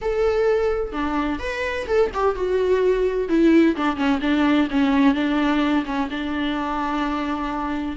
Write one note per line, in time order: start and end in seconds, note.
0.01 0.92 A4
0.92 1.39 D4
1.39 1.86 B4
1.87 2.10 A4
2.13 2.35 G4
2.35 3.28 F#4
3.28 3.75 E4
3.76 3.96 D4
3.96 4.19 C#4
4.21 4.68 D4
4.70 5.14 C#4
5.14 5.84 D4
5.85 6.09 C#4
6.10 7.96 D4